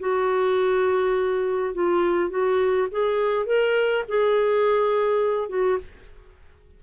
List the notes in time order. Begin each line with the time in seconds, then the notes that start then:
0.00 F#4
1.74 F4
2.30 F#4
2.91 G#4
3.46 A#4
4.08 G#4
5.49 F#4